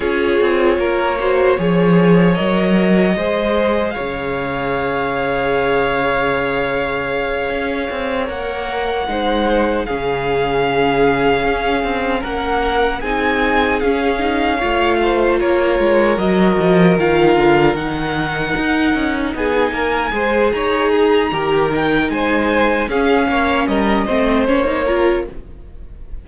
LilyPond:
<<
  \new Staff \with { instrumentName = "violin" } { \time 4/4 \tempo 4 = 76 cis''2. dis''4~ | dis''4 f''2.~ | f''2~ f''8 fis''4.~ | fis''8 f''2. fis''8~ |
fis''8 gis''4 f''2 cis''8~ | cis''8 dis''4 f''4 fis''4.~ | fis''8 gis''4. ais''4. g''8 | gis''4 f''4 dis''4 cis''4 | }
  \new Staff \with { instrumentName = "violin" } { \time 4/4 gis'4 ais'8 c''8 cis''2 | c''4 cis''2.~ | cis''2.~ cis''8 c''8~ | c''8 gis'2. ais'8~ |
ais'8 gis'2 cis''8 c''8 ais'8~ | ais'1~ | ais'8 gis'8 ais'8 c''8 cis''8 gis'8 ais'4 | c''4 gis'8 cis''8 ais'8 c''4 ais'8 | }
  \new Staff \with { instrumentName = "viola" } { \time 4/4 f'4. fis'8 gis'4 ais'4 | gis'1~ | gis'2~ gis'8 ais'4 dis'8~ | dis'8 cis'2.~ cis'8~ |
cis'8 dis'4 cis'8 dis'8 f'4.~ | f'8 fis'4 f'4 dis'4.~ | dis'4. gis'4. g'8 dis'8~ | dis'4 cis'4. c'8 cis'16 dis'16 f'8 | }
  \new Staff \with { instrumentName = "cello" } { \time 4/4 cis'8 c'8 ais4 f4 fis4 | gis4 cis2.~ | cis4. cis'8 c'8 ais4 gis8~ | gis8 cis2 cis'8 c'8 ais8~ |
ais8 c'4 cis'4 a4 ais8 | gis8 fis8 f8 dis8 d8 dis4 dis'8 | cis'8 b8 ais8 gis8 dis'4 dis4 | gis4 cis'8 ais8 g8 a8 ais4 | }
>>